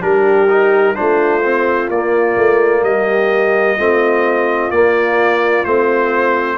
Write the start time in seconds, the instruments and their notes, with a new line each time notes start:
0.00 tuba G3, trombone D4, horn G4, trumpet A#4
0.49 trombone D#4
0.94 tuba A3, trombone D4, horn F4, trumpet C5
1.44 trombone C4
1.89 tuba A#3, trombone A#3, trumpet D5
2.36 tuba A3
2.82 tuba G3, horn G4, trumpet D#5
3.77 tuba A3, trombone C4, horn F4
4.70 tuba A#3, trombone A#3, trumpet D5
5.64 tuba A3, trombone C4, trumpet C5